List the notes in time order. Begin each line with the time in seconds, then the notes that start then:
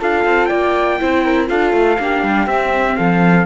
0.00 D4 F4 A4 F5
0.25 C4
0.46 A#3 D5 G5
1.00 C4 E4 C5
1.24 A#4
1.47 D4 F4 A4 F5
1.73 A3
1.99 A#3 D4 G4
2.23 G3
2.47 C4 E5
2.97 F3 A4 F5